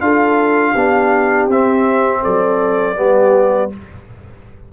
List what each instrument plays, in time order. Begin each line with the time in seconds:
0.00 tuba D4, trombone F4, horn A4, trumpet F5
0.72 tuba B3, trombone D4, horn G4
1.47 tuba C4, trombone C4, trumpet E5
2.22 tuba F#3, horn A4, trumpet D5
2.96 tuba G3, trombone B3, horn G4